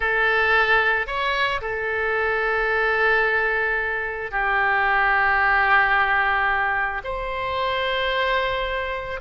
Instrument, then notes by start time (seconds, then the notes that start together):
oboe
0.00 A4
1.06 C#5
1.61 A4
4.31 G4
7.04 C5